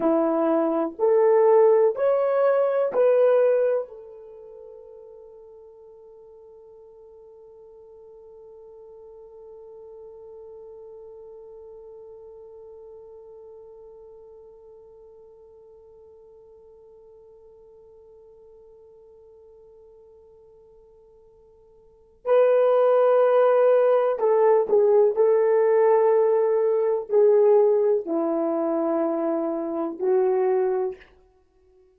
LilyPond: \new Staff \with { instrumentName = "horn" } { \time 4/4 \tempo 4 = 62 e'4 a'4 cis''4 b'4 | a'1~ | a'1~ | a'1~ |
a'1~ | a'2. b'4~ | b'4 a'8 gis'8 a'2 | gis'4 e'2 fis'4 | }